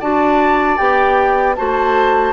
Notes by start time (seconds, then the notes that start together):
0.00 D4 F#4 D5 A5
0.77 B3 G4 G5
1.55 A3 F#4 C5 A5